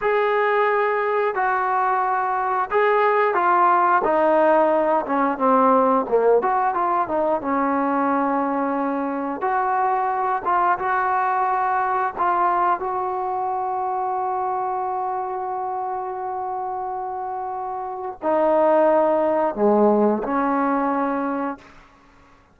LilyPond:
\new Staff \with { instrumentName = "trombone" } { \time 4/4 \tempo 4 = 89 gis'2 fis'2 | gis'4 f'4 dis'4. cis'8 | c'4 ais8 fis'8 f'8 dis'8 cis'4~ | cis'2 fis'4. f'8 |
fis'2 f'4 fis'4~ | fis'1~ | fis'2. dis'4~ | dis'4 gis4 cis'2 | }